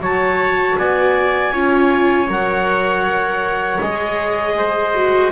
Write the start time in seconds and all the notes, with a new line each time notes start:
0.00 F#3 F#4 C#5 A5
0.77 B3 D5 G#5
1.51 C#4 F4 C#5
2.27 F#3 A#4 F#5
3.80 G#3 G#4 D#5
4.57 C5
4.95 F#4